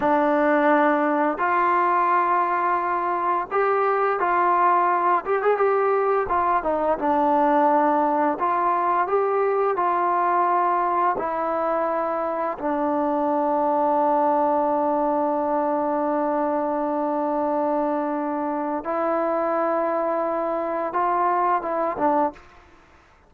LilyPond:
\new Staff \with { instrumentName = "trombone" } { \time 4/4 \tempo 4 = 86 d'2 f'2~ | f'4 g'4 f'4. g'16 gis'16 | g'4 f'8 dis'8 d'2 | f'4 g'4 f'2 |
e'2 d'2~ | d'1~ | d'2. e'4~ | e'2 f'4 e'8 d'8 | }